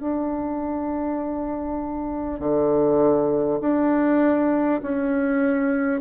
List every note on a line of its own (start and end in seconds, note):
0.00 2.39 D4
2.39 3.59 D3
3.61 4.81 D4
4.83 6.01 C#4